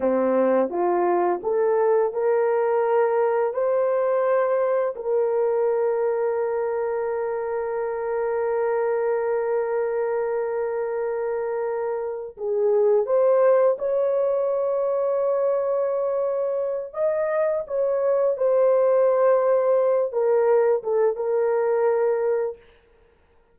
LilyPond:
\new Staff \with { instrumentName = "horn" } { \time 4/4 \tempo 4 = 85 c'4 f'4 a'4 ais'4~ | ais'4 c''2 ais'4~ | ais'1~ | ais'1~ |
ais'4. gis'4 c''4 cis''8~ | cis''1 | dis''4 cis''4 c''2~ | c''8 ais'4 a'8 ais'2 | }